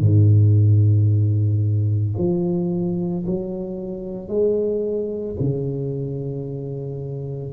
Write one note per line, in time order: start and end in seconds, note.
0.00 2.14 G#2
2.17 3.24 F3
3.26 4.28 F#3
4.28 5.35 G#3
5.40 7.52 C#3